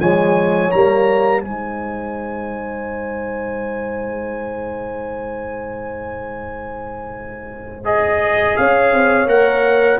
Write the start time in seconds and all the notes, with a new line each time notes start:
0.00 F3 G#3 C#5 G#5
0.71 G3 A#3 A#5
1.40 G#3 D#4 C5 G#5
7.85 G#4 D#5
8.57 C#4 C#5 F5
8.93 C4
9.26 A#3 A#4 F#5